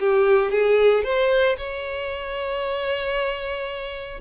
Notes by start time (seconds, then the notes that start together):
0.00 G4
0.51 G#4
1.04 C5
1.57 C#5